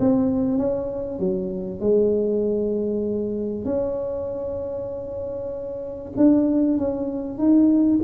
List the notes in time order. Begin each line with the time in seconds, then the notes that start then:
0.00 C4
0.58 C#4
1.20 F#3
1.80 G#3
3.65 C#4
6.17 D4
6.78 C#4
7.38 D#4